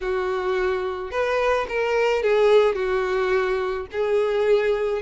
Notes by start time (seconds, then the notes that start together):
0.01 F#4
1.11 B4
1.68 A#4
2.22 G#4
2.75 F#4
3.91 G#4